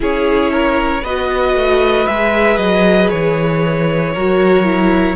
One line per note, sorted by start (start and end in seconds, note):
0.00 1.03 C#4
0.00 1.02 E4
0.00 0.52 G#4
0.00 1.04 C#5
0.52 1.02 A#4
1.02 1.54 B3
1.02 2.08 F#4
1.02 4.12 B4
1.02 2.06 D#5
1.54 2.06 A3
2.06 2.57 G#3
2.06 4.15 G#4
2.06 2.56 E5
2.56 3.09 F#3
2.56 3.08 D#5
3.09 4.15 E3
3.09 5.16 C#5
4.14 5.16 F#3
4.14 4.64 F#4
4.14 5.16 A#4
4.64 5.15 E4